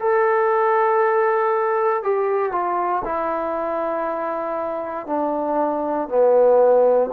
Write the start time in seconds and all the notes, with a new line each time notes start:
0.00 A4
2.03 G4
2.51 F4
3.04 E4
5.07 D4
6.09 B3